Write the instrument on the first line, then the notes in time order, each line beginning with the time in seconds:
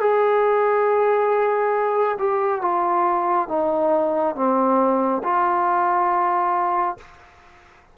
trombone
0.00 G#4
2.18 G4
2.61 F4
3.48 D#4
4.35 C4
5.23 F4